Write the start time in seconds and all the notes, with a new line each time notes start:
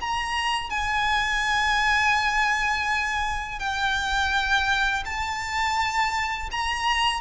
0.00 A#5
0.70 G#5
3.59 G5
5.05 A5
6.51 A#5